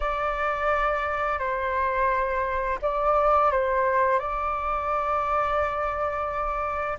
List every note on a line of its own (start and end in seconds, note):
0.00 1.38 D5
1.38 2.78 C5
2.82 3.51 D5
3.51 4.19 C5
4.19 6.98 D5